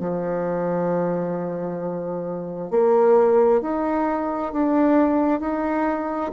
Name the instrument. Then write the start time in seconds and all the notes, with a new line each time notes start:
bassoon
0.00 F3
2.71 A#3
3.62 D#4
4.53 D4
5.40 D#4